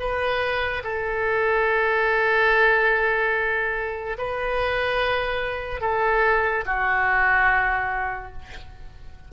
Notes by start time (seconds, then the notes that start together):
0.00 B4
0.84 A4
4.19 B4
5.81 A4
6.66 F#4